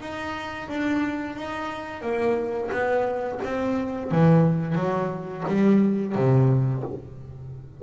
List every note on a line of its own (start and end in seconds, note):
0.00 0.68 D#4
0.68 1.35 D4
1.35 2.01 D#4
2.01 2.69 A#3
2.71 3.39 B3
3.44 4.11 C4
4.11 4.75 E3
4.75 5.43 F#3
5.47 6.15 G3
6.15 6.83 C3